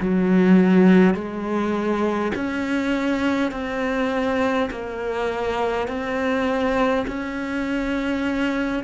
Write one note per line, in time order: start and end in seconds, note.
0.00 1.14 F#3
1.14 2.32 G#3
2.35 3.51 C#4
3.51 4.69 C4
4.71 5.88 A#3
5.88 7.05 C4
7.07 8.84 C#4